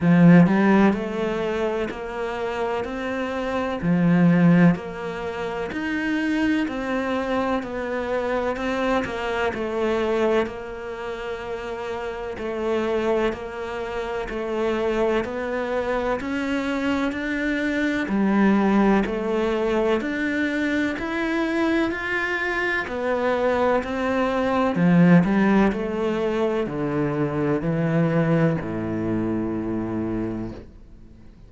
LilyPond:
\new Staff \with { instrumentName = "cello" } { \time 4/4 \tempo 4 = 63 f8 g8 a4 ais4 c'4 | f4 ais4 dis'4 c'4 | b4 c'8 ais8 a4 ais4~ | ais4 a4 ais4 a4 |
b4 cis'4 d'4 g4 | a4 d'4 e'4 f'4 | b4 c'4 f8 g8 a4 | d4 e4 a,2 | }